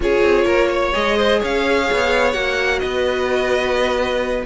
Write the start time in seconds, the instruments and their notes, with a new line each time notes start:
0.00 cello C#4, viola F4, violin G#4 C#5
0.22 cello C4
0.44 cello A#3, violin A#4
0.71 violin C#5
0.92 cello G#3, viola G#4, violin D#5
1.17 violin C5
1.39 cello C#4, violin C#5 F5
1.91 cello B3
2.32 cello A#3, viola F#4, violin F#5
2.79 cello B3, violin B4 D#5